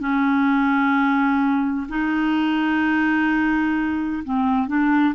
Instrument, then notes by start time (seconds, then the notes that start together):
clarinet
0.00 C#4
1.89 D#4
4.24 C4
4.68 D4